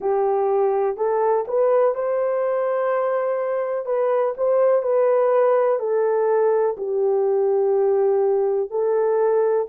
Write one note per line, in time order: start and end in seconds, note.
0.00 0.97 G4
0.97 1.45 A4
1.47 1.94 B4
1.94 3.85 C5
3.85 4.33 B4
4.37 4.82 C5
4.82 5.78 B4
5.78 6.75 A4
6.77 8.70 G4
8.70 9.67 A4